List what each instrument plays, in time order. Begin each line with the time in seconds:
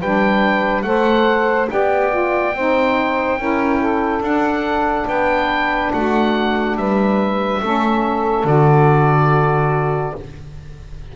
0.00 double bass G3, saxophone D4 B4, oboe G5
0.82 double bass A3, saxophone A4 C5, oboe F#5
1.68 double bass B3, saxophone G4 D5, oboe G5
2.10 saxophone F4
2.54 double bass C4, saxophone D#4 C5
3.38 double bass C#4, saxophone E4 A#4
3.79 saxophone A4
4.20 double bass D4, saxophone D4, oboe F#5
5.08 double bass B3, saxophone B4, oboe G5
5.93 double bass A3, saxophone F#4, oboe F#5
6.77 double bass G3, saxophone B4, oboe E5
7.62 double bass A3, saxophone C#4 A4
8.45 double bass D3, saxophone F#4, oboe D5